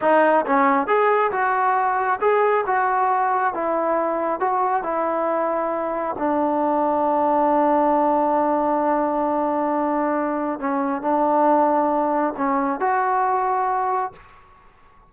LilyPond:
\new Staff \with { instrumentName = "trombone" } { \time 4/4 \tempo 4 = 136 dis'4 cis'4 gis'4 fis'4~ | fis'4 gis'4 fis'2 | e'2 fis'4 e'4~ | e'2 d'2~ |
d'1~ | d'1 | cis'4 d'2. | cis'4 fis'2. | }